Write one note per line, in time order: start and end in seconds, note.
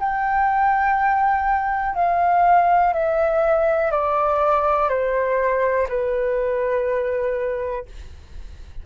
0.00 1.95 G5
1.95 2.94 F5
2.94 3.92 E5
3.92 4.90 D5
4.90 5.88 C5
5.89 7.86 B4